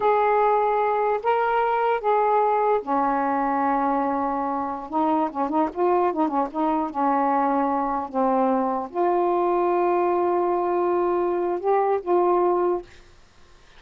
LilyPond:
\new Staff \with { instrumentName = "saxophone" } { \time 4/4 \tempo 4 = 150 gis'2. ais'4~ | ais'4 gis'2 cis'4~ | cis'1~ | cis'16 dis'4 cis'8 dis'8 f'4 dis'8 cis'16~ |
cis'16 dis'4 cis'2~ cis'8.~ | cis'16 c'2 f'4.~ f'16~ | f'1~ | f'4 g'4 f'2 | }